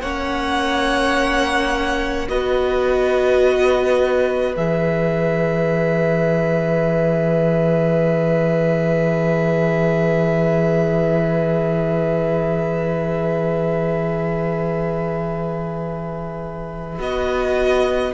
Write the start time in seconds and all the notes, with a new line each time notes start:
0.00 A#3 C#4 C#5 F#5
2.28 B3 F#4 B4 D#5
4.56 E3 G#4 E5
16.98 B3 F#4 D#5